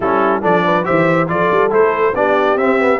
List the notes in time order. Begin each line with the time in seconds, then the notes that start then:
0.00 G3 C#4 E4 A4
0.41 F3 D4 A4 D5
0.65 B4
0.83 G4 C5 E5
0.89 E3
1.28 F3 F4 A4 D5
1.51 G3
1.70 A3 E4 C5
2.14 B3 D4 G4 D5
2.55 C4 E5
2.79 B3